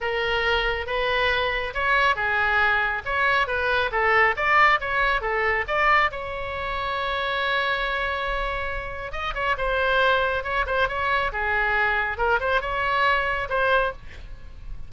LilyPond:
\new Staff \with { instrumentName = "oboe" } { \time 4/4 \tempo 4 = 138 ais'2 b'2 | cis''4 gis'2 cis''4 | b'4 a'4 d''4 cis''4 | a'4 d''4 cis''2~ |
cis''1~ | cis''4 dis''8 cis''8 c''2 | cis''8 c''8 cis''4 gis'2 | ais'8 c''8 cis''2 c''4 | }